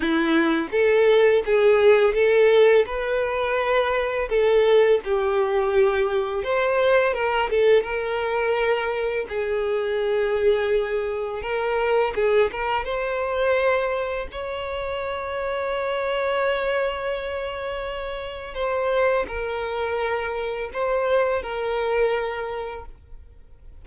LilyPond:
\new Staff \with { instrumentName = "violin" } { \time 4/4 \tempo 4 = 84 e'4 a'4 gis'4 a'4 | b'2 a'4 g'4~ | g'4 c''4 ais'8 a'8 ais'4~ | ais'4 gis'2. |
ais'4 gis'8 ais'8 c''2 | cis''1~ | cis''2 c''4 ais'4~ | ais'4 c''4 ais'2 | }